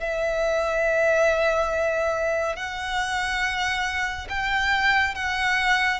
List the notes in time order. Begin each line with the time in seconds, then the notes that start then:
0.00 E5
2.56 F#5
4.29 G5
5.15 F#5